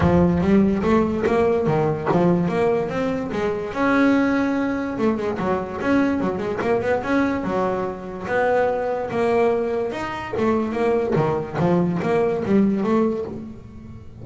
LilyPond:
\new Staff \with { instrumentName = "double bass" } { \time 4/4 \tempo 4 = 145 f4 g4 a4 ais4 | dis4 f4 ais4 c'4 | gis4 cis'2. | a8 gis8 fis4 cis'4 fis8 gis8 |
ais8 b8 cis'4 fis2 | b2 ais2 | dis'4 a4 ais4 dis4 | f4 ais4 g4 a4 | }